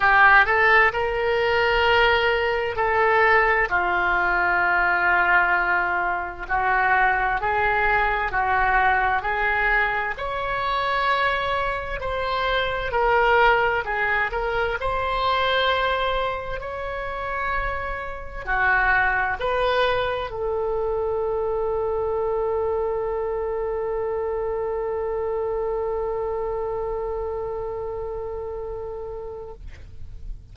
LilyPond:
\new Staff \with { instrumentName = "oboe" } { \time 4/4 \tempo 4 = 65 g'8 a'8 ais'2 a'4 | f'2. fis'4 | gis'4 fis'4 gis'4 cis''4~ | cis''4 c''4 ais'4 gis'8 ais'8 |
c''2 cis''2 | fis'4 b'4 a'2~ | a'1~ | a'1 | }